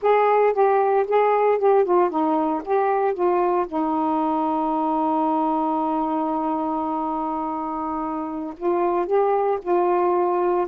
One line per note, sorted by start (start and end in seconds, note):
0.01 0.53 G#4
0.53 1.05 G4
1.07 1.58 G#4
1.58 1.84 G4
1.84 2.09 F4
2.09 2.62 D#4
2.64 3.13 G4
3.13 3.66 F4
3.67 8.54 D#4
8.57 9.06 F4
9.06 9.58 G4
9.61 10.67 F4